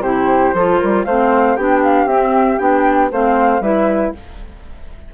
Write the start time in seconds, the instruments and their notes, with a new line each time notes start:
0.00 bassoon C3, clarinet E4, flute G4 C5
0.53 bassoon F3, clarinet F4, flute A4
0.78 bassoon G3, flute A#4
1.04 bassoon A3, clarinet C4, flute C5 F5
1.56 bassoon B3, clarinet D4, flute G4 G5
1.83 flute F5
2.05 bassoon C4, clarinet C4, flute E5
2.58 bassoon B3, clarinet D4, flute G5
3.11 bassoon A3, clarinet C4, flute C5 F5
3.60 bassoon G3, clarinet E4, flute B4 E5